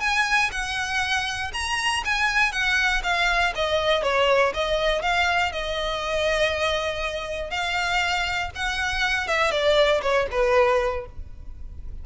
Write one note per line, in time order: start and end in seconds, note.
0.00 0.50 G#5
0.52 1.52 F#5
1.53 2.03 A#5
2.05 2.52 G#5
2.52 3.02 F#5
3.03 3.53 F5
3.55 4.02 D#5
4.02 4.52 C#5
4.54 5.02 D#5
5.02 5.52 F5
5.52 7.50 D#5
7.50 8.50 F5
8.55 9.28 F#5
9.28 9.51 E5
9.51 10.01 D5
10.02 10.27 C#5
10.31 11.06 B4